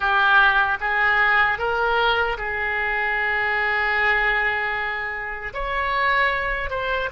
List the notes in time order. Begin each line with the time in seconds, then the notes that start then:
0.00 G4
0.80 G#4
1.58 A#4
2.37 G#4
5.53 C#5
6.70 C5